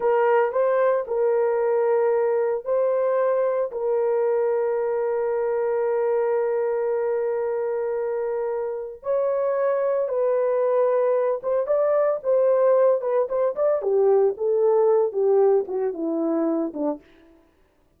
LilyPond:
\new Staff \with { instrumentName = "horn" } { \time 4/4 \tempo 4 = 113 ais'4 c''4 ais'2~ | ais'4 c''2 ais'4~ | ais'1~ | ais'1~ |
ais'4 cis''2 b'4~ | b'4. c''8 d''4 c''4~ | c''8 b'8 c''8 d''8 g'4 a'4~ | a'8 g'4 fis'8 e'4. d'8 | }